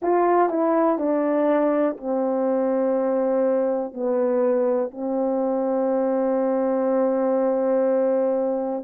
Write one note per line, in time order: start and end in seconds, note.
0.01 0.49 F4
0.49 0.98 E4
0.98 1.96 D4
1.97 3.93 C4
3.93 4.90 B3
4.90 8.84 C4